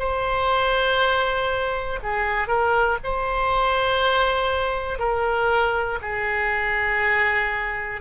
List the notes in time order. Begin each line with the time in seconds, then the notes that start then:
0.00 C5
2.04 G#4
2.48 A#4
3.04 C5
4.99 A#4
6.02 G#4